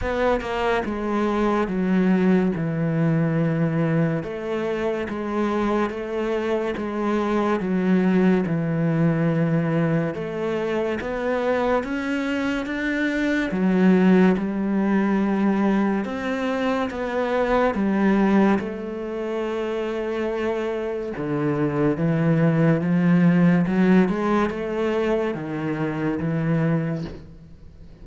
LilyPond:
\new Staff \with { instrumentName = "cello" } { \time 4/4 \tempo 4 = 71 b8 ais8 gis4 fis4 e4~ | e4 a4 gis4 a4 | gis4 fis4 e2 | a4 b4 cis'4 d'4 |
fis4 g2 c'4 | b4 g4 a2~ | a4 d4 e4 f4 | fis8 gis8 a4 dis4 e4 | }